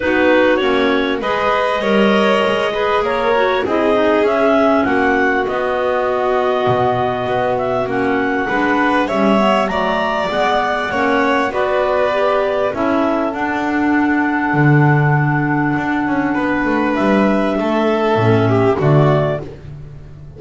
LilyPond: <<
  \new Staff \with { instrumentName = "clarinet" } { \time 4/4 \tempo 4 = 99 b'4 cis''4 dis''2~ | dis''4 cis''4 dis''4 e''4 | fis''4 dis''2.~ | dis''8 e''8 fis''2 e''4 |
ais''4 fis''2 d''4~ | d''4 e''4 fis''2~ | fis''1 | e''2. d''4 | }
  \new Staff \with { instrumentName = "violin" } { \time 4/4 fis'2 b'4 cis''4~ | cis''8 b'8 ais'4 gis'2 | fis'1~ | fis'2 b'4 cis''4 |
d''2 cis''4 b'4~ | b'4 a'2.~ | a'2. b'4~ | b'4 a'4. g'8 fis'4 | }
  \new Staff \with { instrumentName = "clarinet" } { \time 4/4 dis'4 cis'4 gis'4 ais'4~ | ais'8 gis'4 fis'8 e'8 dis'8 cis'4~ | cis'4 b2.~ | b4 cis'4 d'4 cis'8 b8 |
a4 b4 cis'4 fis'4 | g'4 e'4 d'2~ | d'1~ | d'2 cis'4 a4 | }
  \new Staff \with { instrumentName = "double bass" } { \time 4/4 b4 ais4 gis4 g4 | gis4 ais4 c'4 cis'4 | ais4 b2 b,4 | b4 ais4 gis4 g4 |
fis4 gis4 ais4 b4~ | b4 cis'4 d'2 | d2 d'8 cis'8 b8 a8 | g4 a4 a,4 d4 | }
>>